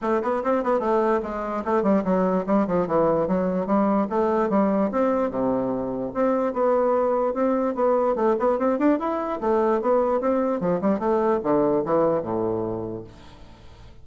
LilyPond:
\new Staff \with { instrumentName = "bassoon" } { \time 4/4 \tempo 4 = 147 a8 b8 c'8 b8 a4 gis4 | a8 g8 fis4 g8 f8 e4 | fis4 g4 a4 g4 | c'4 c2 c'4 |
b2 c'4 b4 | a8 b8 c'8 d'8 e'4 a4 | b4 c'4 f8 g8 a4 | d4 e4 a,2 | }